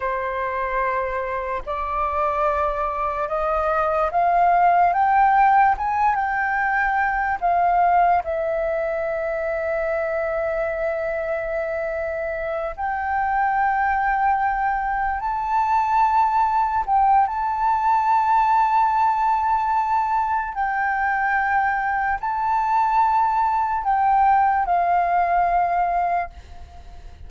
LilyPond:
\new Staff \with { instrumentName = "flute" } { \time 4/4 \tempo 4 = 73 c''2 d''2 | dis''4 f''4 g''4 gis''8 g''8~ | g''4 f''4 e''2~ | e''2.~ e''8 g''8~ |
g''2~ g''8 a''4.~ | a''8 g''8 a''2.~ | a''4 g''2 a''4~ | a''4 g''4 f''2 | }